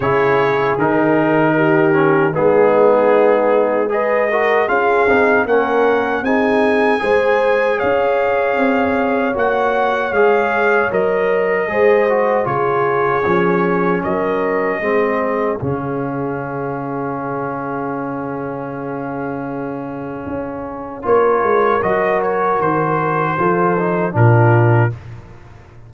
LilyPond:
<<
  \new Staff \with { instrumentName = "trumpet" } { \time 4/4 \tempo 4 = 77 cis''4 ais'2 gis'4~ | gis'4 dis''4 f''4 fis''4 | gis''2 f''2 | fis''4 f''4 dis''2 |
cis''2 dis''2 | f''1~ | f''2. cis''4 | dis''8 cis''8 c''2 ais'4 | }
  \new Staff \with { instrumentName = "horn" } { \time 4/4 gis'2 g'4 dis'4~ | dis'4 b'8 ais'8 gis'4 ais'4 | gis'4 c''4 cis''2~ | cis''2. c''4 |
gis'2 ais'4 gis'4~ | gis'1~ | gis'2. ais'4~ | ais'2 a'4 f'4 | }
  \new Staff \with { instrumentName = "trombone" } { \time 4/4 e'4 dis'4. cis'8 b4~ | b4 gis'8 fis'8 f'8 dis'8 cis'4 | dis'4 gis'2. | fis'4 gis'4 ais'4 gis'8 fis'8 |
f'4 cis'2 c'4 | cis'1~ | cis'2. f'4 | fis'2 f'8 dis'8 d'4 | }
  \new Staff \with { instrumentName = "tuba" } { \time 4/4 cis4 dis2 gis4~ | gis2 cis'8 c'8 ais4 | c'4 gis4 cis'4 c'4 | ais4 gis4 fis4 gis4 |
cis4 f4 fis4 gis4 | cis1~ | cis2 cis'4 ais8 gis8 | fis4 dis4 f4 ais,4 | }
>>